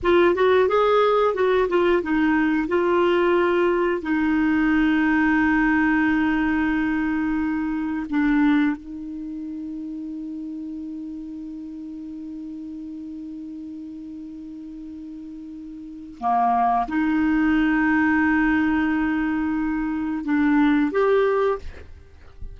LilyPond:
\new Staff \with { instrumentName = "clarinet" } { \time 4/4 \tempo 4 = 89 f'8 fis'8 gis'4 fis'8 f'8 dis'4 | f'2 dis'2~ | dis'1 | d'4 dis'2.~ |
dis'1~ | dis'1 | ais4 dis'2.~ | dis'2 d'4 g'4 | }